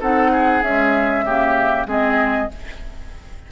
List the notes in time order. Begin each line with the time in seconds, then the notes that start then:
0.00 C4 D#4 A4 F#5
0.32 G#4
0.62 G#3 C#4 E5
1.24 C#3 A#3 G4
1.86 G#3 C4 G#4 D#5